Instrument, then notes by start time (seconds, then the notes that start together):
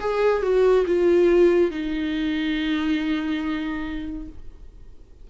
viola
0.00 G#4
0.42 F#4
0.86 F4
1.70 D#4